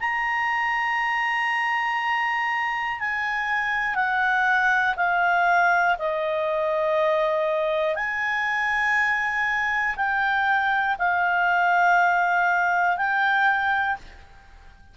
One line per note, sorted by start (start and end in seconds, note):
0.00 3.00 A#5
3.00 3.95 G#5
3.95 4.95 F#5
4.96 5.96 F5
5.99 7.95 D#5
7.95 9.95 G#5
9.96 10.96 G5
10.99 12.97 F5
12.97 13.97 G5